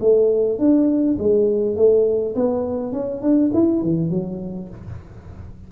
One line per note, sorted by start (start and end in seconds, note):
0.00 0.58 A3
0.58 1.17 D4
1.18 1.76 G#3
1.76 2.35 A3
2.35 2.93 B3
2.93 3.21 C#4
3.21 3.51 D4
3.53 3.82 E4
3.82 4.10 E3
4.10 4.69 F#3